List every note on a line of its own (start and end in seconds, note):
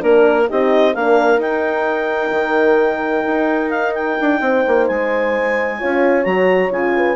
0.00 0.48 A#3
0.00 0.46 D4
0.00 0.48 A#4
0.00 0.49 A#4
0.48 0.95 C4
0.48 0.95 D#4
0.48 0.94 G4
0.48 0.94 D#5
0.94 1.38 A#3
0.94 1.40 D4
0.94 4.40 A#4
0.94 1.40 F5
1.38 2.30 D#4
1.38 5.79 D#4
1.38 3.70 G5
2.31 3.23 D#3
3.26 4.18 D#4
3.70 3.93 F5
3.94 4.86 G5
4.20 4.40 D4
4.40 4.63 C4
4.40 5.78 C5
4.67 4.89 A#3
4.86 5.81 G#3
4.86 6.24 G#5
5.78 6.25 C#4
5.78 6.23 F4
5.78 6.93 C#5
6.23 6.70 F#3
6.23 6.69 F#4
6.23 6.70 A#5
6.70 7.16 C#3
6.70 7.16 F4
6.70 7.16 G#5
6.96 7.16 B4